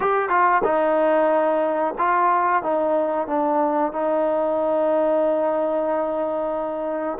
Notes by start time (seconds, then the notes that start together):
0.00 G4
0.29 F4
0.63 D#4
1.98 F4
2.62 D#4
3.27 D4
3.92 D#4